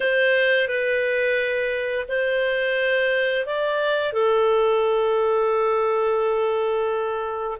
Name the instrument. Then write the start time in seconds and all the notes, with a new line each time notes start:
clarinet
0.00 C5
0.67 B4
2.08 C5
3.46 D5
4.13 A4